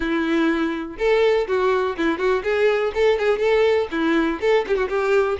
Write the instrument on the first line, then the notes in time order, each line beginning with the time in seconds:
violin
0.00 E4
0.98 A4
1.47 F#4
1.97 E4
2.18 F#4
2.43 G#4
2.94 A4
3.19 G#4
3.38 A4
3.91 E4
4.40 A4
4.67 G4
4.76 F#4
4.88 G4